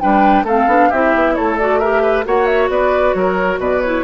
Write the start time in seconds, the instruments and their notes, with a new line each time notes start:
0.00 bassoon G3, clarinet D4, oboe B4, flute G5
0.43 bassoon A3, clarinet C4, oboe A4, flute F5
0.67 bassoon B3, clarinet D4
0.89 bassoon C4, clarinet E4, oboe G4, flute E5
1.15 bassoon B3
1.35 bassoon A3, oboe A4, flute C#5
1.58 clarinet F#4, flute D5
1.79 clarinet G4, oboe A#4, flute E5
2.02 oboe B4
2.25 bassoon A#3, clarinet F#4, oboe C#5, flute F#5
2.46 flute E5
2.69 bassoon B3, oboe B4, flute D5
3.14 bassoon F#3, oboe A#4, flute C#5
3.58 bassoon B2, oboe B4, flute D5
3.82 clarinet E4, flute C#5